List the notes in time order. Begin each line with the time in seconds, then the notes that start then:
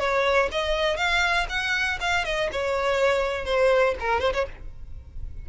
0.00 C#5
0.52 D#5
0.97 F5
1.49 F#5
2.01 F5
2.25 D#5
2.52 C#5
3.46 C5
4.01 A#4
4.21 C5
4.34 C#5